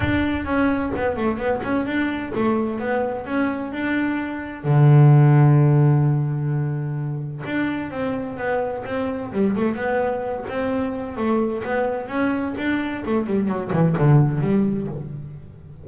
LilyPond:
\new Staff \with { instrumentName = "double bass" } { \time 4/4 \tempo 4 = 129 d'4 cis'4 b8 a8 b8 cis'8 | d'4 a4 b4 cis'4 | d'2 d2~ | d1 |
d'4 c'4 b4 c'4 | g8 a8 b4. c'4. | a4 b4 cis'4 d'4 | a8 g8 fis8 e8 d4 g4 | }